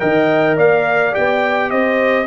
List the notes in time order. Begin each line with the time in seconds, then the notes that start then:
0.00 D#3 A#4 D#5 G5
0.57 A#3 D5 F5
1.13 B3 G4 G5
1.71 C4 C5 D#5